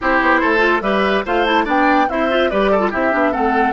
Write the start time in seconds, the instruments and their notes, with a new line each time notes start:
0.01 bassoon C4, clarinet E4, oboe G4, flute C5
0.21 bassoon B3
0.40 bassoon A3, oboe A4
0.58 clarinet F4
0.81 bassoon G3, clarinet G4, oboe B4, flute E5
1.25 bassoon A3, clarinet F4, oboe C5, flute F5
1.45 clarinet E4, flute A5
1.65 bassoon B3, clarinet D4, oboe D5, flute G5
2.09 bassoon C4, clarinet E4, oboe C5, flute E5
2.29 clarinet F4
2.50 bassoon G3, clarinet G4, oboe B4, flute D5
2.71 oboe A4
2.79 clarinet F4
2.90 bassoon C4, clarinet E4, oboe G4, flute E5
3.11 bassoon B3, clarinet D4
3.31 bassoon A3, clarinet C4, oboe A4, flute F#5